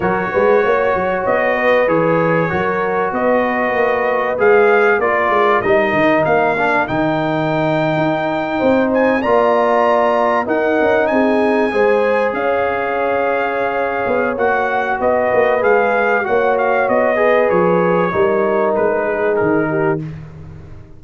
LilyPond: <<
  \new Staff \with { instrumentName = "trumpet" } { \time 4/4 \tempo 4 = 96 cis''2 dis''4 cis''4~ | cis''4 dis''2 f''4 | d''4 dis''4 f''4 g''4~ | g''2~ g''16 gis''8 ais''4~ ais''16~ |
ais''8. fis''4 gis''2 f''16~ | f''2. fis''4 | dis''4 f''4 fis''8 f''8 dis''4 | cis''2 b'4 ais'4 | }
  \new Staff \with { instrumentName = "horn" } { \time 4/4 ais'8 b'8 cis''4. b'4. | ais'4 b'2. | ais'1~ | ais'4.~ ais'16 c''4 d''4~ d''16~ |
d''8. ais'4 gis'4 c''4 cis''16~ | cis''1 | b'2 cis''4. b'8~ | b'4 ais'4. gis'4 g'8 | }
  \new Staff \with { instrumentName = "trombone" } { \time 4/4 fis'2. gis'4 | fis'2. gis'4 | f'4 dis'4. d'8 dis'4~ | dis'2~ dis'8. f'4~ f'16~ |
f'8. dis'2 gis'4~ gis'16~ | gis'2. fis'4~ | fis'4 gis'4 fis'4. gis'8~ | gis'4 dis'2. | }
  \new Staff \with { instrumentName = "tuba" } { \time 4/4 fis8 gis8 ais8 fis8 b4 e4 | fis4 b4 ais4 gis4 | ais8 gis8 g8 dis8 ais4 dis4~ | dis8. dis'4 c'4 ais4~ ais16~ |
ais8. dis'8 cis'8 c'4 gis4 cis'16~ | cis'2~ cis'8 b8 ais4 | b8 ais8 gis4 ais4 b4 | f4 g4 gis4 dis4 | }
>>